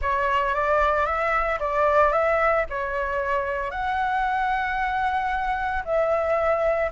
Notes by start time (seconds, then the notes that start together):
0.01 C#5
0.54 D5
1.05 E5
1.59 D5
2.12 E5
2.69 C#5
3.70 F#5
5.84 E5